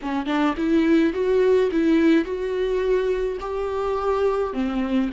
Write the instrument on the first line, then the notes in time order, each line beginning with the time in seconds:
viola
0.02 C#4
0.25 D4
0.57 E4
1.13 F#4
1.71 E4
2.25 F#4
3.40 G4
4.53 C4